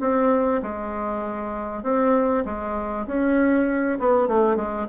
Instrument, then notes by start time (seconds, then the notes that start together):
bassoon
0.00 C4
0.62 G#3
1.83 C4
2.45 G#3
3.07 C#4
3.99 B3
4.28 A3
4.56 G#3